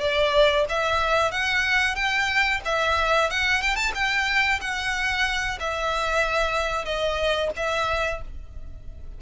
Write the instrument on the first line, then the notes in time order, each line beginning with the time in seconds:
violin
0.00 D5
0.69 E5
1.31 F#5
1.95 G5
2.65 E5
3.30 F#5
3.62 G5
3.76 A5
3.94 G5
4.61 F#5
5.59 E5
6.85 D#5
7.56 E5